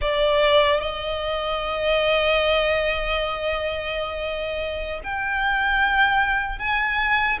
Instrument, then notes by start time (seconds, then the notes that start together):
violin
0.01 D5
0.80 D#5
5.03 G5
6.59 G#5